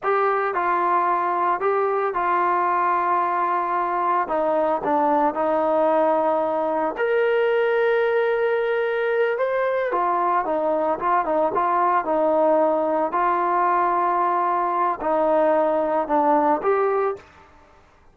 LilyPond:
\new Staff \with { instrumentName = "trombone" } { \time 4/4 \tempo 4 = 112 g'4 f'2 g'4 | f'1 | dis'4 d'4 dis'2~ | dis'4 ais'2.~ |
ais'4. c''4 f'4 dis'8~ | dis'8 f'8 dis'8 f'4 dis'4.~ | dis'8 f'2.~ f'8 | dis'2 d'4 g'4 | }